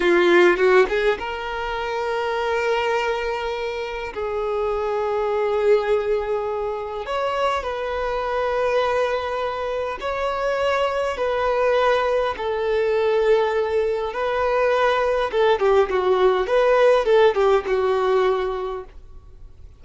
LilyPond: \new Staff \with { instrumentName = "violin" } { \time 4/4 \tempo 4 = 102 f'4 fis'8 gis'8 ais'2~ | ais'2. gis'4~ | gis'1 | cis''4 b'2.~ |
b'4 cis''2 b'4~ | b'4 a'2. | b'2 a'8 g'8 fis'4 | b'4 a'8 g'8 fis'2 | }